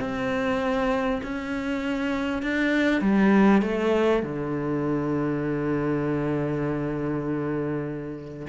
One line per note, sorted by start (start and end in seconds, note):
0.00 1.21 C4
1.23 2.42 C#4
2.42 3.01 D4
3.01 3.62 G3
3.62 4.23 A3
4.23 8.47 D3